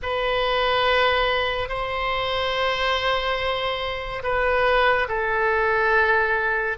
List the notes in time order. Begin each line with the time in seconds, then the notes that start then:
0.02 B4
1.68 C5
4.23 B4
5.08 A4